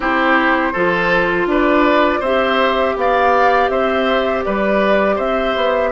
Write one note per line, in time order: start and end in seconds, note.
0.00 0.73 C4
0.00 0.74 E4
0.00 0.73 G4
0.00 1.49 C5
0.73 1.46 F3
0.73 2.23 F4
0.73 1.47 A4
1.46 2.20 D4
1.46 2.20 B4
1.46 2.23 D5
2.20 2.94 C4
2.20 5.92 G4
2.20 2.94 C5
2.20 2.97 E5
2.96 3.69 B3
2.96 3.71 D5
2.96 3.68 F5
3.68 4.43 C4
3.68 4.45 C5
3.68 4.42 E5
4.44 5.18 G3
4.44 5.15 B4
4.44 5.18 D5
5.15 5.55 C4
5.15 5.89 C5
5.15 5.92 E5
5.56 5.92 B3